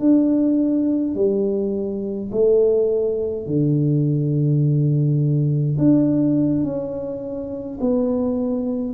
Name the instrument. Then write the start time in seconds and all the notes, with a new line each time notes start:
tuba
0.00 D4
1.15 G3
2.32 A3
3.47 D3
5.78 D4
6.64 C#4
7.81 B3